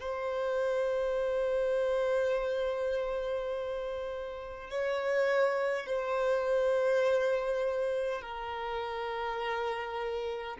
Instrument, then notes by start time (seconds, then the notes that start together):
violin
0.00 C5
4.70 C#5
5.86 C5
8.21 A#4